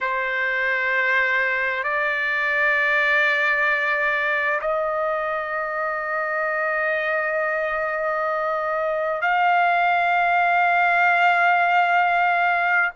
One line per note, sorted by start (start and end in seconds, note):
0.00 1.83 C5
1.83 4.60 D5
4.61 9.21 D#5
9.21 12.91 F5